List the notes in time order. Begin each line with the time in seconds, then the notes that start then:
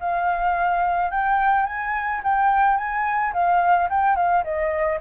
0.00 F5
1.11 G5
1.66 G#5
2.24 G5
2.77 G#5
3.33 F5
3.89 G5
4.16 F5
4.44 D#5